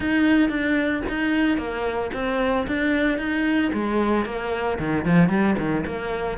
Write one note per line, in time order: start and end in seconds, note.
0.00 0.49 D#4
0.49 1.02 D4
1.09 1.57 D#4
1.57 2.10 A#3
2.13 2.66 C4
2.67 3.18 D4
3.18 3.71 D#4
3.73 4.25 G#3
4.25 4.78 A#3
4.78 5.05 D#3
5.05 5.28 F3
5.28 5.55 G3
5.58 5.85 D#3
5.86 6.37 A#3